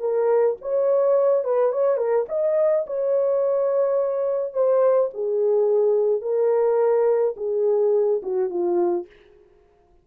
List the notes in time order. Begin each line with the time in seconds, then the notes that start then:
0.00 A#4
0.61 C#5
1.44 B4
1.73 C#5
1.97 A#4
2.29 D#5
2.87 C#5
4.54 C5
5.14 G#4
6.22 A#4
7.37 G#4
8.23 F#4
8.50 F4